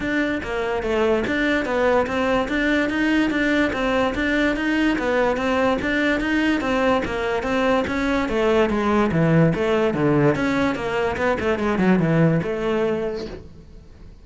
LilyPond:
\new Staff \with { instrumentName = "cello" } { \time 4/4 \tempo 4 = 145 d'4 ais4 a4 d'4 | b4 c'4 d'4 dis'4 | d'4 c'4 d'4 dis'4 | b4 c'4 d'4 dis'4 |
c'4 ais4 c'4 cis'4 | a4 gis4 e4 a4 | d4 cis'4 ais4 b8 a8 | gis8 fis8 e4 a2 | }